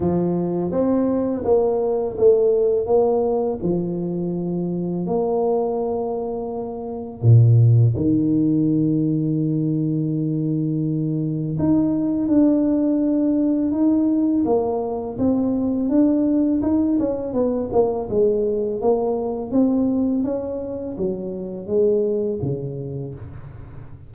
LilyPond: \new Staff \with { instrumentName = "tuba" } { \time 4/4 \tempo 4 = 83 f4 c'4 ais4 a4 | ais4 f2 ais4~ | ais2 ais,4 dis4~ | dis1 |
dis'4 d'2 dis'4 | ais4 c'4 d'4 dis'8 cis'8 | b8 ais8 gis4 ais4 c'4 | cis'4 fis4 gis4 cis4 | }